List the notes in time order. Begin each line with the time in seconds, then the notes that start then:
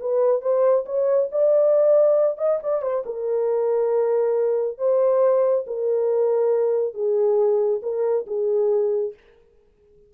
0.00 B4
0.42 C5
0.86 C#5
1.32 D5
2.38 D#5
2.63 D5
2.82 C5
3.06 A#4
4.78 C5
5.67 A#4
6.94 G#4
7.83 A#4
8.27 G#4